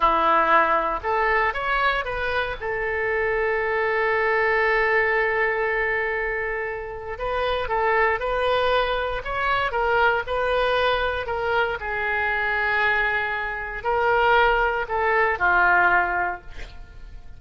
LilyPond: \new Staff \with { instrumentName = "oboe" } { \time 4/4 \tempo 4 = 117 e'2 a'4 cis''4 | b'4 a'2.~ | a'1~ | a'2 b'4 a'4 |
b'2 cis''4 ais'4 | b'2 ais'4 gis'4~ | gis'2. ais'4~ | ais'4 a'4 f'2 | }